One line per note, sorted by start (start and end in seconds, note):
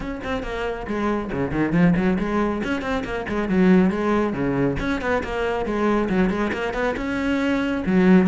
0.00 0.20 C#4
0.24 0.42 C4
0.42 0.86 A#3
0.87 1.30 G#3
1.32 1.51 C#3
1.51 1.72 D#3
1.72 1.93 F3
1.96 2.18 F#3
2.18 2.62 G#3
2.63 2.81 C#4
2.81 3.03 C4
3.04 3.26 A#3
3.28 3.48 G#3
3.48 3.90 F#3
3.90 4.33 G#3
4.33 4.76 C#3
4.79 5.01 C#4
5.01 5.23 B3
5.23 5.65 A#3
5.65 6.08 G#3
6.09 6.29 F#3
6.29 6.51 G#3
6.52 6.73 A#3
6.73 6.95 B3
6.96 7.83 C#4
7.86 8.27 F#3